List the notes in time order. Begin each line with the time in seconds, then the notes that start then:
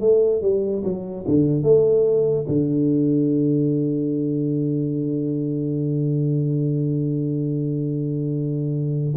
0.00 A3
0.41 G3
0.83 F#3
1.27 D3
1.63 A3
2.48 D3